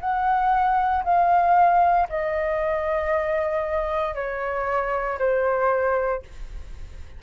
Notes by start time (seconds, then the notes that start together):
0.00 F#5
1.04 F5
2.09 D#5
4.15 C#5
5.19 C5